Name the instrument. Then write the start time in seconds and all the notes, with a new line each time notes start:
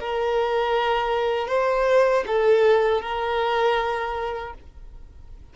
violin
0.00 A#4
1.48 C5
2.27 A4
3.01 A#4